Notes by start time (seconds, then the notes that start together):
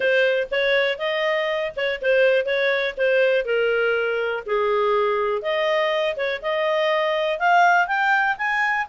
0.00 C5
0.51 C#5
0.98 D#5
1.76 C#5
2.01 C5
2.45 C#5
2.97 C5
3.45 A#4
4.46 G#4
5.42 D#5
6.16 C#5
6.42 D#5
7.39 F5
7.87 G5
8.37 G#5